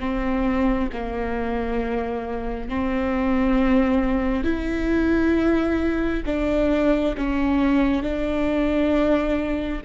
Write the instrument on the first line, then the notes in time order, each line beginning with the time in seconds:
viola
0.00 C4
0.93 A#3
2.69 C4
4.44 E4
6.26 D4
7.17 C#4
8.03 D4